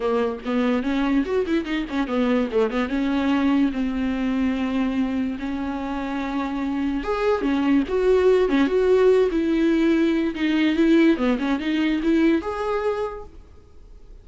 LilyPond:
\new Staff \with { instrumentName = "viola" } { \time 4/4 \tempo 4 = 145 ais4 b4 cis'4 fis'8 e'8 | dis'8 cis'8 b4 a8 b8 cis'4~ | cis'4 c'2.~ | c'4 cis'2.~ |
cis'4 gis'4 cis'4 fis'4~ | fis'8 cis'8 fis'4. e'4.~ | e'4 dis'4 e'4 b8 cis'8 | dis'4 e'4 gis'2 | }